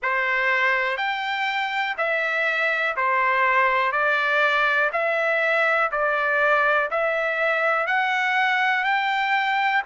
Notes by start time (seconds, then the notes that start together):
0.02 C5
0.97 G5
1.97 E5
2.96 C5
3.92 D5
4.92 E5
5.91 D5
6.90 E5
7.86 F#5
8.83 G5